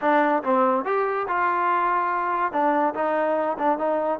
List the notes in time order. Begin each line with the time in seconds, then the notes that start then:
0.01 D4
0.43 C4
0.84 G4
1.28 F4
2.52 D4
2.94 D#4
3.58 D4
3.78 D#4